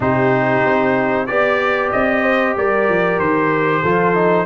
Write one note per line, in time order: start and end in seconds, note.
0.00 0.62 C3
0.00 1.27 D#4
0.00 1.28 G4
0.00 1.26 C5
0.65 1.29 C4
1.26 1.93 B3
1.26 3.84 G4
1.26 1.90 D5
1.26 2.22 D5
1.91 2.57 C4
1.91 2.55 D#5
2.22 2.54 C5
2.57 2.88 G3
2.57 3.81 A#4
2.57 3.19 D5
2.88 3.19 F3
3.19 3.83 D#3
3.19 4.46 C5
3.81 4.46 F3
3.81 4.14 F4
3.81 4.45 A4
4.14 4.46 D#4